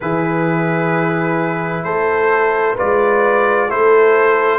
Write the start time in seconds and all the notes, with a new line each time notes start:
0.01 E3 E4 G#4 B4
1.83 A3 A4 C5
2.74 G#3 F4 B4 D5
3.68 A3 E4 A4 C5